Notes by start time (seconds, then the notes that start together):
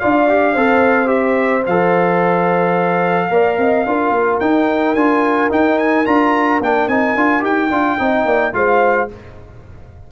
0.00 D4 F4 D5 F5
0.28 G4
0.54 C4 A4 C5
1.07 G4 E5
1.67 F3 A4 F5
3.31 A#3 A#4 D5
3.58 C4 D#5
3.86 D4 F4 A#4
4.11 A#3
4.40 D#4 G5
4.95 D4 F4 G#5
5.50 D#4 G5
5.79 G#5
6.06 D4 F4 A#5
6.61 A#3 D4 G5
6.88 C4 D#4 G#5
7.16 D4 F4
7.41 D#4 G4 G5
7.71 D4 F4
7.98 C4 D#4 D#5
8.25 A#3 D5
8.54 G#3 F4 C5 F5